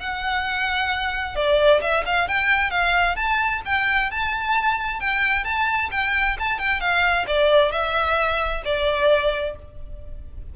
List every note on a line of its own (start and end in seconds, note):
0.00 1.35 F#5
1.35 1.81 D5
1.81 2.04 E5
2.05 2.28 F5
2.28 2.70 G5
2.70 3.16 F5
3.16 3.61 A5
3.65 4.11 G5
4.11 5.00 A5
5.00 5.44 G5
5.44 5.90 A5
5.91 6.37 G5
6.39 6.59 A5
6.59 6.80 G5
6.80 7.25 F5
7.27 7.71 D5
7.71 8.62 E5
8.64 9.55 D5